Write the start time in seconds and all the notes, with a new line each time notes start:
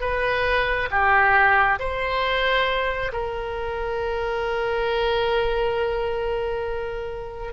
0.00 B4
0.90 G4
1.78 C5
3.12 A#4